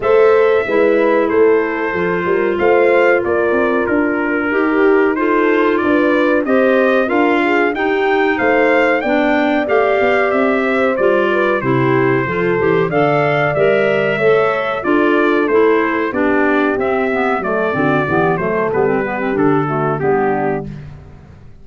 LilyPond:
<<
  \new Staff \with { instrumentName = "trumpet" } { \time 4/4 \tempo 4 = 93 e''2 c''2 | f''4 d''4 ais'2 | c''4 d''4 dis''4 f''4 | g''4 f''4 g''4 f''4 |
e''4 d''4 c''2 | f''4 e''2 d''4 | c''4 d''4 e''4 d''4~ | d''8 c''8 b'4 a'4 g'4 | }
  \new Staff \with { instrumentName = "horn" } { \time 4/4 c''4 b'4 a'4. ais'8 | c''4 ais'2 g'4 | a'4 b'4 c''4 ais'8 gis'8 | g'4 c''4 d''2~ |
d''8 c''4 b'8 g'4 a'4 | d''2 cis''4 a'4~ | a'4 g'2 a'8 fis'8 | g'8 a'4 g'4 fis'8 d'4 | }
  \new Staff \with { instrumentName = "clarinet" } { \time 4/4 a'4 e'2 f'4~ | f'2. g'4 | f'2 g'4 f'4 | dis'2 d'4 g'4~ |
g'4 f'4 e'4 f'8 g'8 | a'4 ais'4 a'4 f'4 | e'4 d'4 c'8 b8 a8 c'8 | b8 a8 b16 c'16 b16 c'16 d'8 a8 b4 | }
  \new Staff \with { instrumentName = "tuba" } { \time 4/4 a4 gis4 a4 f8 g8 | a4 ais8 c'8 d'4 dis'4~ | dis'4 d'4 c'4 d'4 | dis'4 a4 b4 a8 b8 |
c'4 g4 c4 f8 e8 | d4 g4 a4 d'4 | a4 b4 c'4 fis8 d8 | e8 fis8 g4 d4 g4 | }
>>